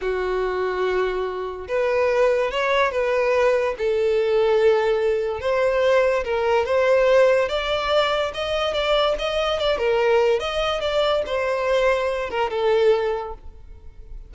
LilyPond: \new Staff \with { instrumentName = "violin" } { \time 4/4 \tempo 4 = 144 fis'1 | b'2 cis''4 b'4~ | b'4 a'2.~ | a'4 c''2 ais'4 |
c''2 d''2 | dis''4 d''4 dis''4 d''8 ais'8~ | ais'4 dis''4 d''4 c''4~ | c''4. ais'8 a'2 | }